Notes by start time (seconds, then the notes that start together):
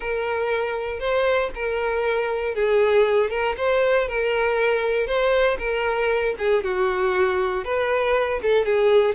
0.00 A#4
0.99 C5
1.55 A#4
2.54 G#4
3.30 A#4
3.57 C5
4.08 A#4
5.06 C5
5.58 A#4
6.38 G#4
6.63 F#4
7.64 B4
8.42 A4
8.65 G#4